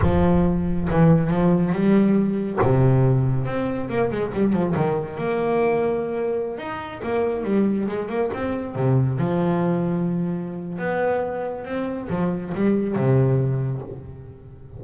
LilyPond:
\new Staff \with { instrumentName = "double bass" } { \time 4/4 \tempo 4 = 139 f2 e4 f4 | g2 c2 | c'4 ais8 gis8 g8 f8 dis4 | ais2.~ ais16 dis'8.~ |
dis'16 ais4 g4 gis8 ais8 c'8.~ | c'16 c4 f2~ f8.~ | f4 b2 c'4 | f4 g4 c2 | }